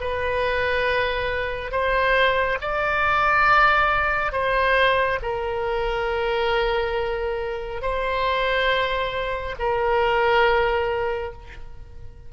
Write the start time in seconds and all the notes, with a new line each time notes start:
0.00 B4
1.72 C5
2.61 D5
4.32 C5
5.23 A#4
7.82 C5
9.59 A#4